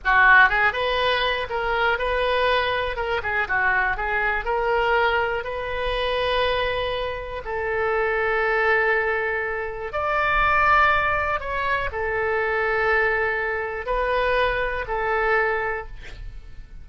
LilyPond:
\new Staff \with { instrumentName = "oboe" } { \time 4/4 \tempo 4 = 121 fis'4 gis'8 b'4. ais'4 | b'2 ais'8 gis'8 fis'4 | gis'4 ais'2 b'4~ | b'2. a'4~ |
a'1 | d''2. cis''4 | a'1 | b'2 a'2 | }